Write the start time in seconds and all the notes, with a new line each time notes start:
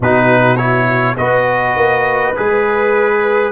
0.00 B2 D#4 F#4 B4
0.56 E4 C#5
1.17 B3 F#4 B4 D#5
1.75 A#3
2.35 G#3 G#4 B4